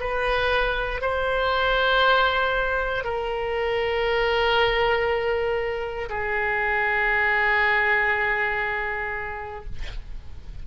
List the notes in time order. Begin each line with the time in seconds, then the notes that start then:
0.00 B4
1.01 C5
3.04 A#4
6.09 G#4